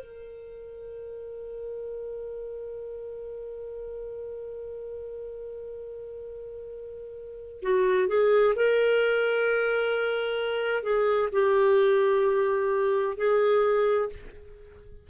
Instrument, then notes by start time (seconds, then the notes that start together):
clarinet
0.00 A#4
7.62 F#4
8.09 G#4
8.56 A#4
10.83 G#4
11.33 G4
13.17 G#4